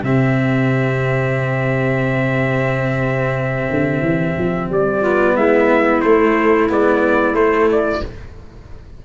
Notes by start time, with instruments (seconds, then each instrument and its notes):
0.00 tuba C3, cello C4, clarinet G4, trumpet E5
3.71 tuba D3
4.01 tuba E3
4.38 tuba F3
4.69 tuba G3, trumpet D5
5.01 cello B3, clarinet F4
5.36 tuba G#3, clarinet E4, trumpet E5
6.01 cello A3, tuba A3, trumpet C5
6.69 tuba G#3, cello B3, trumpet D5
7.33 tuba A3, cello A3, trumpet C5
7.72 trumpet D5